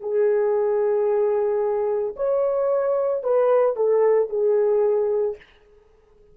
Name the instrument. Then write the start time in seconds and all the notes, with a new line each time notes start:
horn
0.00 G#4
2.16 C#5
3.23 B4
3.76 A4
4.29 G#4